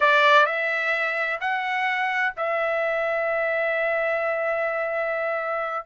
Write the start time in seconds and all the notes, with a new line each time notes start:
0.00 D5
0.45 E5
1.40 F#5
2.36 E5